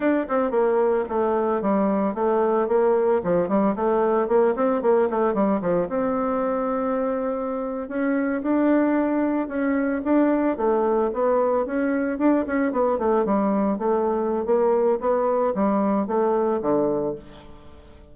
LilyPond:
\new Staff \with { instrumentName = "bassoon" } { \time 4/4 \tempo 4 = 112 d'8 c'8 ais4 a4 g4 | a4 ais4 f8 g8 a4 | ais8 c'8 ais8 a8 g8 f8 c'4~ | c'2~ c'8. cis'4 d'16~ |
d'4.~ d'16 cis'4 d'4 a16~ | a8. b4 cis'4 d'8 cis'8 b16~ | b16 a8 g4 a4~ a16 ais4 | b4 g4 a4 d4 | }